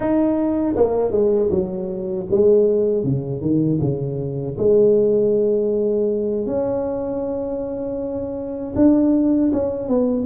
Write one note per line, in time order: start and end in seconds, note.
0.00 0.75 D#4
0.76 1.12 A#3
1.12 1.49 G#3
1.50 2.26 F#3
2.30 3.03 G#3
3.03 3.41 C#3
3.41 3.79 D#3
3.80 4.56 C#3
4.57 6.46 G#3
6.46 8.74 C#4
8.75 9.51 D4
9.52 9.88 C#4
9.88 10.25 B3